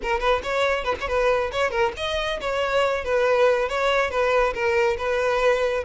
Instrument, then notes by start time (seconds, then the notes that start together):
violin
0.02 A#4
0.20 B4
0.43 C#5
0.84 B4
1.00 C#5
1.08 B4
1.51 C#5
1.71 A#4
1.96 D#5
2.40 C#5
3.04 B4
3.68 C#5
4.10 B4
4.53 A#4
4.97 B4